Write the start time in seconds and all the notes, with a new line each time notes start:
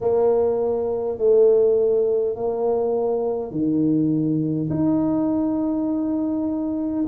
0.00 A#3
1.18 A3
2.35 A#3
3.51 D#3
4.70 D#4